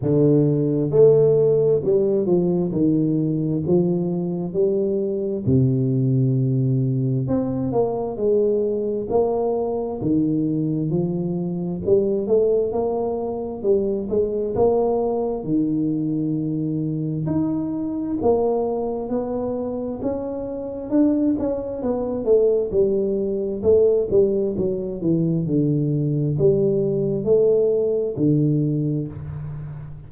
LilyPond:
\new Staff \with { instrumentName = "tuba" } { \time 4/4 \tempo 4 = 66 d4 a4 g8 f8 dis4 | f4 g4 c2 | c'8 ais8 gis4 ais4 dis4 | f4 g8 a8 ais4 g8 gis8 |
ais4 dis2 dis'4 | ais4 b4 cis'4 d'8 cis'8 | b8 a8 g4 a8 g8 fis8 e8 | d4 g4 a4 d4 | }